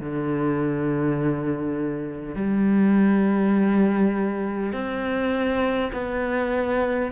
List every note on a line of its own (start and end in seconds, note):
0.00 2.35 D3
2.35 4.73 G3
4.73 5.92 C4
5.93 7.12 B3